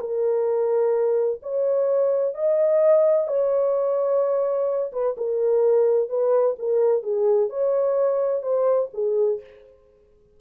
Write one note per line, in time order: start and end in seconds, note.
0.00 1.41 A#4
1.43 2.35 C#5
2.35 3.28 D#5
3.28 4.92 C#5
4.92 5.16 B4
5.17 6.09 A#4
6.09 6.56 B4
6.59 7.03 A#4
7.03 7.50 G#4
7.50 8.42 C#5
8.42 8.89 C5
8.94 9.41 G#4